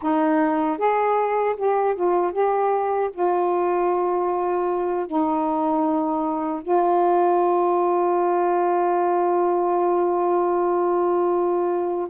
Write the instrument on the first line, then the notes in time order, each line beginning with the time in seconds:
saxophone
0.01 D#4
0.78 G#4
1.56 G4
1.95 F4
2.32 G4
3.12 F4
5.06 D#4
6.62 F4